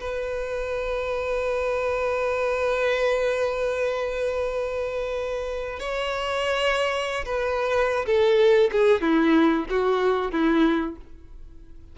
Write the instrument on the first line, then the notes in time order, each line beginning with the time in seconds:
violin
0.00 B4
5.79 C#5
7.25 B4
8.06 A4
8.71 G#4
9.01 E4
9.69 F#4
10.31 E4